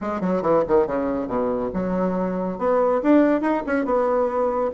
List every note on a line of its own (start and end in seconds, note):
0.01 0.20 G#3
0.20 0.41 F#3
0.41 0.63 E3
0.67 0.86 D#3
0.86 1.27 C#3
1.27 1.70 B2
1.73 2.58 F#3
2.58 3.01 B3
3.02 3.41 D4
3.41 3.62 D#4
3.66 3.85 C#4
3.85 4.70 B3